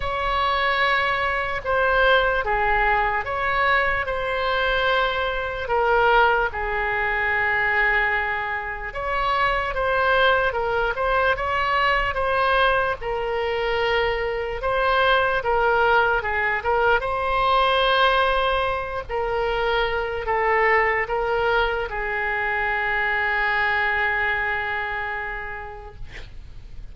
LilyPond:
\new Staff \with { instrumentName = "oboe" } { \time 4/4 \tempo 4 = 74 cis''2 c''4 gis'4 | cis''4 c''2 ais'4 | gis'2. cis''4 | c''4 ais'8 c''8 cis''4 c''4 |
ais'2 c''4 ais'4 | gis'8 ais'8 c''2~ c''8 ais'8~ | ais'4 a'4 ais'4 gis'4~ | gis'1 | }